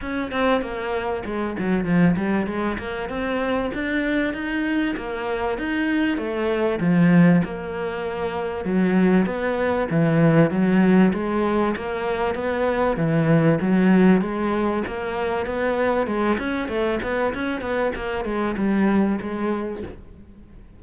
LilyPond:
\new Staff \with { instrumentName = "cello" } { \time 4/4 \tempo 4 = 97 cis'8 c'8 ais4 gis8 fis8 f8 g8 | gis8 ais8 c'4 d'4 dis'4 | ais4 dis'4 a4 f4 | ais2 fis4 b4 |
e4 fis4 gis4 ais4 | b4 e4 fis4 gis4 | ais4 b4 gis8 cis'8 a8 b8 | cis'8 b8 ais8 gis8 g4 gis4 | }